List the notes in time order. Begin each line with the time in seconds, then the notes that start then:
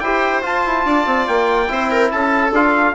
0.00 E4 G4 C5 G5
0.42 F4 A5
0.66 E4
0.85 D4 D5
1.05 C4
1.27 A#3 G5
1.68 C4 E4 C5
1.91 A#4
2.11 C#4 A4 A5
2.51 D4 F4 F5